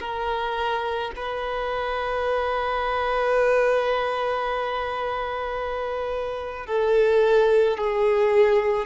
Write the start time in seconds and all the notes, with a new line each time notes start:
0.00 A#4
1.16 B4
6.66 A4
7.77 G#4